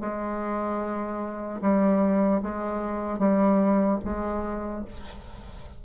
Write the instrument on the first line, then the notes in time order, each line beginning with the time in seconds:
bassoon
0.00 G#3
1.61 G3
2.42 G#3
3.19 G3
4.04 G#3